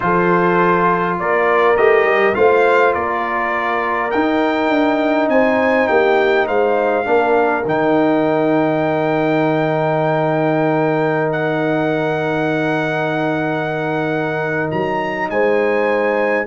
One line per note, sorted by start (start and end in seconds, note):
0.00 1.19 F3
0.00 1.75 F4
0.00 1.19 A4
0.00 1.18 C5
1.19 1.78 A#3
1.19 2.37 A#4
1.19 1.76 D5
1.76 2.04 A3
1.76 2.34 G4
1.76 2.34 D#5
2.04 2.33 G3
2.34 2.94 A3
2.34 4.10 F4
2.34 2.94 C5
2.34 2.93 F5
2.94 4.12 A#3
2.94 5.29 A#4
2.94 4.10 D5
4.10 7.04 D#4
4.10 4.69 D#4
4.10 5.28 G5
4.69 5.28 D4
5.28 5.87 C4
5.28 5.90 C5
5.28 5.87 G#5
5.87 6.48 A#3
5.87 6.46 G4
5.87 6.46 G5
6.46 7.06 G#3
6.46 7.05 C5
6.46 7.65 F5
7.04 7.64 A#3
7.04 7.63 D4
7.04 15.30 A#4
7.65 14.71 D#3
7.65 16.47 D#4
7.65 11.31 G5
11.31 14.70 F#5
14.70 15.29 F#3
14.70 15.29 A#5
15.29 16.47 G#3
15.29 16.47 C5
15.29 16.47 G#5